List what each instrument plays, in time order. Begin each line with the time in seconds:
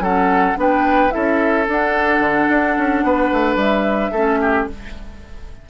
0.00 bassoon F#3, clarinet C#4, oboe A4, flute F#5
0.56 bassoon B3, clarinet D4, oboe B4, flute G5
1.10 bassoon C#4, clarinet E4, oboe A4, flute E5
1.68 bassoon D4, clarinet D4, flute F#5
2.20 bassoon D3
2.50 bassoon D4
2.78 bassoon C#4
3.04 bassoon B3, oboe B4
3.33 bassoon A3
3.56 bassoon G3, flute E5
4.12 bassoon A3, clarinet C#4, oboe A4
4.41 oboe G4